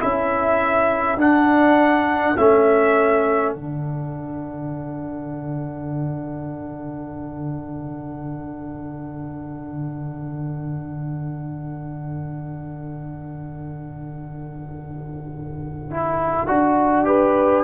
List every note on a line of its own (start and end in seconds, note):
0.00 1.17 C#4
0.00 1.18 E4
0.00 17.07 A4
0.00 1.19 E5
1.17 2.35 D4
1.17 2.36 D4
1.17 2.37 F#5
2.37 3.55 A3
2.37 3.56 C#4
2.37 3.53 E5
3.53 16.49 D3
3.53 15.91 D4
3.53 17.65 F#5
15.91 16.47 E4
16.47 17.65 D4
16.47 17.05 F#4
17.05 17.64 G4
17.05 17.65 B4